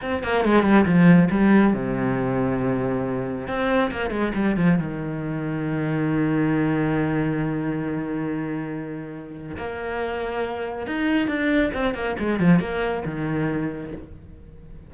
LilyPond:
\new Staff \with { instrumentName = "cello" } { \time 4/4 \tempo 4 = 138 c'8 ais8 gis8 g8 f4 g4 | c1 | c'4 ais8 gis8 g8 f8 dis4~ | dis1~ |
dis1~ | dis2 ais2~ | ais4 dis'4 d'4 c'8 ais8 | gis8 f8 ais4 dis2 | }